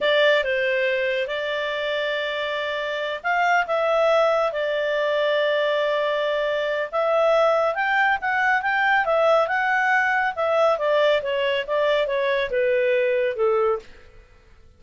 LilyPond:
\new Staff \with { instrumentName = "clarinet" } { \time 4/4 \tempo 4 = 139 d''4 c''2 d''4~ | d''2.~ d''8 f''8~ | f''8 e''2 d''4.~ | d''1 |
e''2 g''4 fis''4 | g''4 e''4 fis''2 | e''4 d''4 cis''4 d''4 | cis''4 b'2 a'4 | }